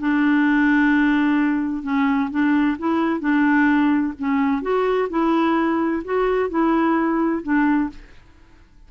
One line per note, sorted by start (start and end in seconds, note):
0.00 1.83 D4
1.83 2.30 C#4
2.31 2.77 D4
2.79 3.21 E4
3.21 4.13 D4
4.19 4.62 C#4
4.62 5.09 F#4
5.10 6.03 E4
6.04 6.50 F#4
6.50 7.43 E4
7.43 7.90 D4